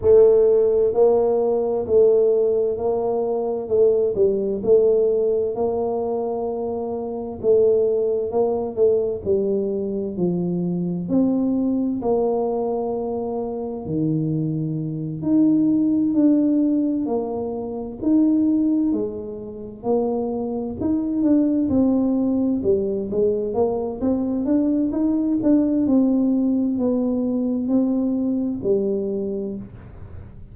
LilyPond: \new Staff \with { instrumentName = "tuba" } { \time 4/4 \tempo 4 = 65 a4 ais4 a4 ais4 | a8 g8 a4 ais2 | a4 ais8 a8 g4 f4 | c'4 ais2 dis4~ |
dis8 dis'4 d'4 ais4 dis'8~ | dis'8 gis4 ais4 dis'8 d'8 c'8~ | c'8 g8 gis8 ais8 c'8 d'8 dis'8 d'8 | c'4 b4 c'4 g4 | }